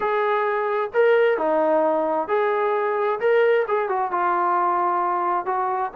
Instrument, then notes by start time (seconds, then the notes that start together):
trombone
0.00 G#4
0.93 A#4
1.37 D#4
2.28 G#4
3.20 A#4
3.68 G#4
3.88 F#4
4.11 F4
5.45 F#4